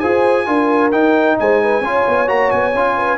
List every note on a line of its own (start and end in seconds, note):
0.00 0.48 F4
0.00 0.46 G#4
0.00 0.46 C5
0.00 0.91 G#5
0.46 0.92 D4
0.46 0.92 F4
0.46 1.38 A#4
0.92 1.83 D#4
0.92 1.38 D#4
0.92 1.37 G5
1.39 1.81 G#3
1.39 1.63 C5
1.39 2.29 G#5
1.63 1.82 B4
1.81 2.03 C#4
1.81 2.27 F4
1.81 2.96 C#5
2.08 2.29 B3
2.27 2.52 A#3
2.27 2.73 F#4
2.27 2.51 A#5
2.51 2.74 B3
2.51 3.18 G#5
2.74 3.18 C#4
2.74 3.18 F4
2.97 3.18 B4